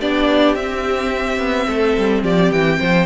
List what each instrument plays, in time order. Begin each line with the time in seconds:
0.00 cello B3, viola D4, violin G4 D5
0.55 cello C4, viola C4, violin E5
1.38 cello B3
1.67 cello A3, violin A4
1.97 cello G3
2.23 cello F3, violin G4 D5
2.52 cello E3, violin G5
2.79 cello F3, violin C5